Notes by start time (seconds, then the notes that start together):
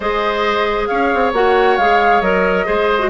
0.00 G#3 G#4 C5 D#5
0.86 C#4 C#5 F5
1.13 C4
1.32 A#3 F#4 F#5
1.77 G#3 G#4 F5
2.21 F#3 A#4 D#5
2.65 G#3 G#4 C5
2.99 F#4